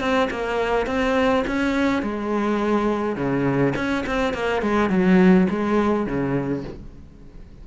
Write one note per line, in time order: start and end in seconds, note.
0.00 0.29 C4
0.31 0.87 A#3
0.87 1.44 C4
1.47 2.03 C#4
2.03 3.16 G#3
3.16 3.74 C#3
3.76 4.05 C#4
4.06 4.34 C4
4.34 4.62 A#3
4.62 4.90 G#3
4.90 5.47 F#3
5.50 6.07 G#3
6.07 6.64 C#3